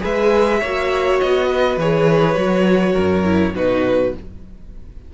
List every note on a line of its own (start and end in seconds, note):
0.00 0.62 G#3
0.00 0.59 G#4
0.00 0.60 B4
0.00 1.20 E5
0.60 1.21 A#3
0.60 1.80 F#4
0.60 1.48 C#5
1.20 1.77 B3
1.20 1.79 D#5
1.48 2.93 B4
1.77 2.36 E3
1.77 2.35 G#4
1.77 3.56 C#5
2.35 2.95 F#3
2.35 3.23 F#4
2.93 3.55 F#2
2.93 3.52 A#4
3.25 3.54 E4
3.55 4.14 B2
3.55 4.14 D#4
3.55 4.14 F#4
3.55 4.14 B4